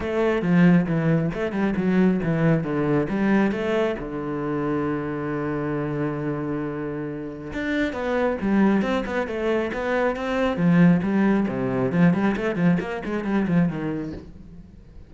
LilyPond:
\new Staff \with { instrumentName = "cello" } { \time 4/4 \tempo 4 = 136 a4 f4 e4 a8 g8 | fis4 e4 d4 g4 | a4 d2.~ | d1~ |
d4 d'4 b4 g4 | c'8 b8 a4 b4 c'4 | f4 g4 c4 f8 g8 | a8 f8 ais8 gis8 g8 f8 dis4 | }